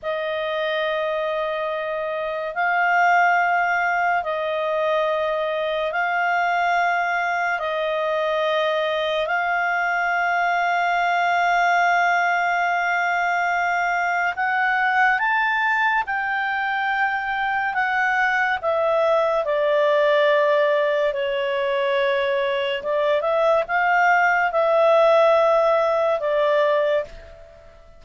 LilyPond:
\new Staff \with { instrumentName = "clarinet" } { \time 4/4 \tempo 4 = 71 dis''2. f''4~ | f''4 dis''2 f''4~ | f''4 dis''2 f''4~ | f''1~ |
f''4 fis''4 a''4 g''4~ | g''4 fis''4 e''4 d''4~ | d''4 cis''2 d''8 e''8 | f''4 e''2 d''4 | }